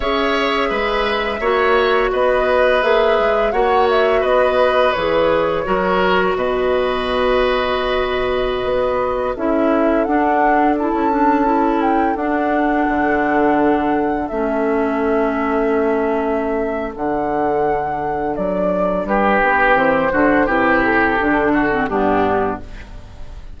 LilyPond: <<
  \new Staff \with { instrumentName = "flute" } { \time 4/4 \tempo 4 = 85 e''2. dis''4 | e''4 fis''8 e''8 dis''4 cis''4~ | cis''4 dis''2.~ | dis''4~ dis''16 e''4 fis''4 a''8.~ |
a''8. g''8 fis''2~ fis''8.~ | fis''16 e''2.~ e''8. | fis''2 d''4 b'4 | c''4 b'8 a'4. g'4 | }
  \new Staff \with { instrumentName = "oboe" } { \time 4/4 cis''4 b'4 cis''4 b'4~ | b'4 cis''4 b'2 | ais'4 b'2.~ | b'4~ b'16 a'2~ a'8.~ |
a'1~ | a'1~ | a'2. g'4~ | g'8 fis'8 g'4. fis'8 d'4 | }
  \new Staff \with { instrumentName = "clarinet" } { \time 4/4 gis'2 fis'2 | gis'4 fis'2 gis'4 | fis'1~ | fis'4~ fis'16 e'4 d'4 e'8 d'16~ |
d'16 e'4 d'2~ d'8.~ | d'16 cis'2.~ cis'8. | d'1 | c'8 d'8 e'4 d'8. c'16 b4 | }
  \new Staff \with { instrumentName = "bassoon" } { \time 4/4 cis'4 gis4 ais4 b4 | ais8 gis8 ais4 b4 e4 | fis4 b,2.~ | b,16 b4 cis'4 d'4~ d'16 cis'8~ |
cis'4~ cis'16 d'4 d4.~ d16~ | d16 a2.~ a8. | d2 fis4 g8 b8 | e8 d8 c4 d4 g,4 | }
>>